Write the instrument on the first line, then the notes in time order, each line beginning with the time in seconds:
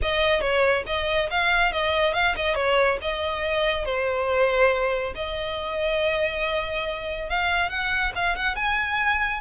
violin
0.02 D#5
0.41 C#5
0.86 D#5
1.30 F5
1.72 D#5
2.13 F5
2.36 D#5
2.55 C#5
3.01 D#5
3.85 C5
5.15 D#5
7.29 F5
7.69 F#5
8.15 F5
8.36 F#5
8.55 G#5